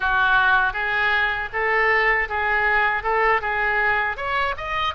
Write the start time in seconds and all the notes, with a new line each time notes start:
0.00 F#4
0.73 G#4
1.52 A4
2.29 G#4
3.03 A4
3.41 G#4
4.16 C#5
4.57 D#5